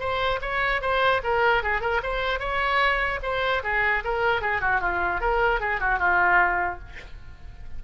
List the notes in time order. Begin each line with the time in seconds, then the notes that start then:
0.00 C5
0.42 C#5
0.82 C5
1.24 A#4
1.63 G#4
1.81 A#4
2.03 C5
2.40 C#5
3.23 C5
3.63 G#4
4.04 A#4
4.42 G#4
4.61 F#4
4.81 F4
5.21 A#4
5.61 G#4
5.81 F#4
5.99 F4